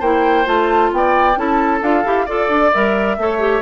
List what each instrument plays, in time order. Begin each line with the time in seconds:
0.00 bassoon A#3, clarinet E4, oboe C5, flute G5
0.45 bassoon A3, clarinet F4, flute A5
0.92 bassoon B3, oboe D5, flute G5
1.36 bassoon C#4, clarinet E4, oboe A4, flute A5
1.82 bassoon D4, clarinet F4, flute F5
2.04 bassoon E4, clarinet G4
2.26 bassoon F4, clarinet A4, oboe D5, flute D5
2.49 bassoon D4
2.74 bassoon G3, clarinet A#4, flute E5
3.18 bassoon A3, clarinet A4, oboe C#5
3.39 clarinet G4